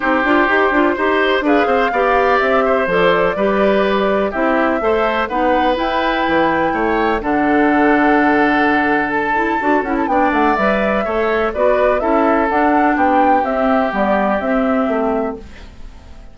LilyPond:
<<
  \new Staff \with { instrumentName = "flute" } { \time 4/4 \tempo 4 = 125 c''2. f''4~ | f''4 e''4 d''2~ | d''4 e''2 fis''4 | g''2. fis''4~ |
fis''2. a''4~ | a''8 fis''16 a''16 g''8 fis''8 e''2 | d''4 e''4 fis''4 g''4 | e''4 d''4 e''2 | }
  \new Staff \with { instrumentName = "oboe" } { \time 4/4 g'2 c''4 b'8 c''8 | d''4. c''4. b'4~ | b'4 g'4 c''4 b'4~ | b'2 cis''4 a'4~ |
a'1~ | a'4 d''2 cis''4 | b'4 a'2 g'4~ | g'1 | }
  \new Staff \with { instrumentName = "clarinet" } { \time 4/4 dis'8 f'8 g'8 f'8 g'4 gis'4 | g'2 a'4 g'4~ | g'4 e'4 a'4 dis'4 | e'2. d'4~ |
d'2.~ d'8 e'8 | fis'8 e'8 d'4 b'4 a'4 | fis'4 e'4 d'2 | c'4 b4 c'2 | }
  \new Staff \with { instrumentName = "bassoon" } { \time 4/4 c'8 d'8 dis'8 d'8 dis'4 d'8 c'8 | b4 c'4 f4 g4~ | g4 c'4 a4 b4 | e'4 e4 a4 d4~ |
d1 | d'8 cis'8 b8 a8 g4 a4 | b4 cis'4 d'4 b4 | c'4 g4 c'4 a4 | }
>>